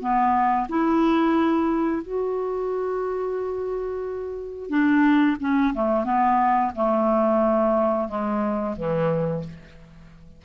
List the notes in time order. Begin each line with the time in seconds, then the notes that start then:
0.00 B3
0.69 E4
2.03 F#4
4.70 D4
5.40 C#4
5.74 A3
6.05 B3
6.75 A3
8.08 G#3
8.76 E3